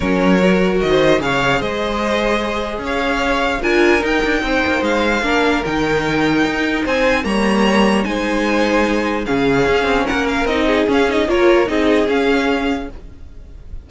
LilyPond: <<
  \new Staff \with { instrumentName = "violin" } { \time 4/4 \tempo 4 = 149 cis''2 dis''4 f''4 | dis''2. f''4~ | f''4 gis''4 g''2 | f''2 g''2~ |
g''4 gis''4 ais''2 | gis''2. f''4~ | f''4 fis''8 f''8 dis''4 f''8 dis''8 | cis''4 dis''4 f''2 | }
  \new Staff \with { instrumentName = "violin" } { \time 4/4 ais'2~ ais'16 c''8. cis''4 | c''2. cis''4~ | cis''4 ais'2 c''4~ | c''4 ais'2.~ |
ais'4 c''4 cis''2 | c''2. gis'4~ | gis'4 ais'4. gis'4. | ais'4 gis'2. | }
  \new Staff \with { instrumentName = "viola" } { \time 4/4 cis'4 fis'2 gis'4~ | gis'1~ | gis'4 f'4 dis'2~ | dis'4 d'4 dis'2~ |
dis'2 ais2 | dis'2. cis'4~ | cis'2 dis'4 cis'8 dis'8 | f'4 dis'4 cis'2 | }
  \new Staff \with { instrumentName = "cello" } { \time 4/4 fis2 dis4 cis4 | gis2. cis'4~ | cis'4 d'4 dis'8 d'8 c'8 ais8 | gis4 ais4 dis2 |
dis'4 c'4 g2 | gis2. cis4 | cis'8 c'8 ais4 c'4 cis'4 | ais4 c'4 cis'2 | }
>>